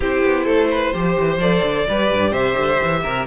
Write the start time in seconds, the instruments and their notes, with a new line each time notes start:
0.00 cello C4, viola E4, violin G4 C5
0.23 cello B3
0.44 cello A3, violin A4
0.70 violin B4
0.93 cello F3, viola G4, violin C5
1.17 cello E3
1.37 cello F3, viola A4, violin D5
1.63 cello D3
1.88 cello G3, viola G4, violin B4
2.11 cello G2
2.30 cello C3, violin C5 E5
2.56 cello D3
2.82 cello E3
3.03 cello C3, violin A#4